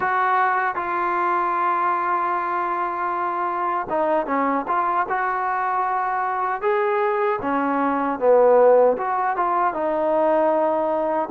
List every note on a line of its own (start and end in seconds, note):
0.00 0.75 F#4
0.75 3.87 F4
3.89 4.26 D#4
4.26 4.65 C#4
4.67 5.06 F4
5.08 6.61 F#4
6.61 7.39 G#4
7.41 8.19 C#4
8.19 8.96 B3
8.97 9.36 F#4
9.36 9.73 F4
9.73 11.29 D#4